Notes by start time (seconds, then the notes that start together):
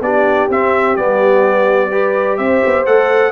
0.00 B3 D4 G4 D5
0.49 C4 E5
0.96 G3 B3 D5
1.91 G4 B4
2.37 C4 C5 E5
2.65 B3
2.85 A3 A4 F#5